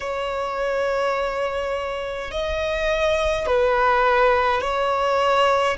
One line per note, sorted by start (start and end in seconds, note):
0.00 2.31 C#5
2.31 3.46 D#5
3.46 4.61 B4
4.61 5.76 C#5